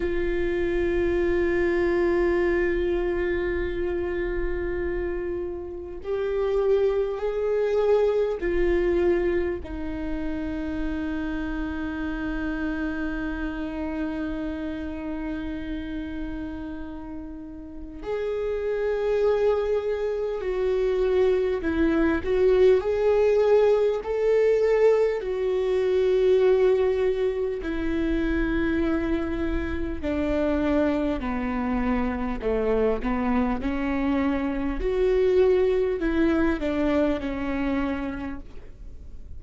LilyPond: \new Staff \with { instrumentName = "viola" } { \time 4/4 \tempo 4 = 50 f'1~ | f'4 g'4 gis'4 f'4 | dis'1~ | dis'2. gis'4~ |
gis'4 fis'4 e'8 fis'8 gis'4 | a'4 fis'2 e'4~ | e'4 d'4 b4 a8 b8 | cis'4 fis'4 e'8 d'8 cis'4 | }